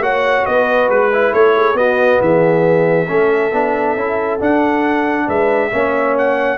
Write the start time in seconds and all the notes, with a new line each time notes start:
0.00 A#3 F#4 C#5 F#5
0.46 B3 B4 D#5
0.90 G#3 B4
1.13 E4
1.33 A3 A4 C#5
1.57 G#4
1.75 B3 F#4 D#5
2.21 E3 G#4 E5
3.07 A3 C#4 A4
3.52 B3 D4
3.96 C#4 E4
4.40 D4 F#5
5.26 G#3 B4 E5
5.72 A#3 C#4 C#5
6.18 F#5